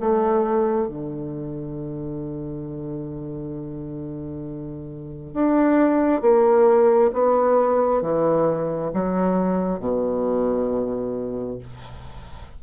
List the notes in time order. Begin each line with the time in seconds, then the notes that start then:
0.00 A3
0.88 D3
5.34 D4
6.21 A#3
7.13 B3
8.02 E3
8.93 F#3
9.79 B2